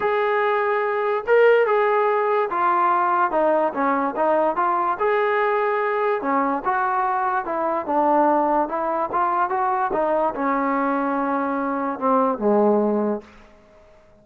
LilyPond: \new Staff \with { instrumentName = "trombone" } { \time 4/4 \tempo 4 = 145 gis'2. ais'4 | gis'2 f'2 | dis'4 cis'4 dis'4 f'4 | gis'2. cis'4 |
fis'2 e'4 d'4~ | d'4 e'4 f'4 fis'4 | dis'4 cis'2.~ | cis'4 c'4 gis2 | }